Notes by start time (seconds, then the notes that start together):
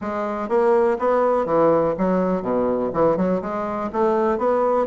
0.01 G#3
0.48 A#3
0.98 B3
1.45 E3
1.98 F#3
2.41 B2
2.93 E3
3.16 F#3
3.41 G#3
3.92 A3
4.38 B3